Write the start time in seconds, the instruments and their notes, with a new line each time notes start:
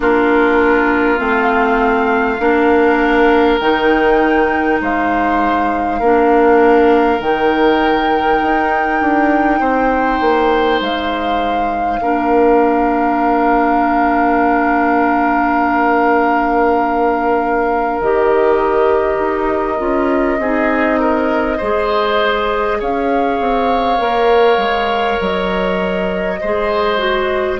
0.00 bassoon A#3, clarinet D4, oboe F4, flute A#4
1.18 bassoon A3, clarinet C4, flute F5
2.39 bassoon A#3, clarinet D4, oboe A#4
3.59 bassoon D#3, clarinet D#4, flute G5
4.80 bassoon G#3, oboe C5, flute F5
5.99 bassoon A#3, clarinet D4, oboe A#4
7.19 bassoon D#3, clarinet D#4, flute G5
8.42 bassoon D#4
9.01 bassoon D4
9.60 bassoon C4, oboe C5
10.21 bassoon A#3
10.80 bassoon G#3, flute F5
11.99 bassoon A#3, clarinet D4, oboe A#4
18.00 bassoon D#3, clarinet G4, flute D#5
19.18 bassoon D#4
19.78 bassoon C#4, clarinet F4
20.38 bassoon C4, clarinet D#4, oboe G#4
20.99 oboe A#4
21.57 bassoon G#3, clarinet G#4, oboe C5
22.80 bassoon C#4, oboe C#5, flute F5
23.40 bassoon C4
23.97 bassoon A#3, clarinet A#4
24.57 bassoon G#3
25.20 bassoon F#3, flute D#5
26.40 bassoon G#3, clarinet G#4, oboe C5
26.97 clarinet F#4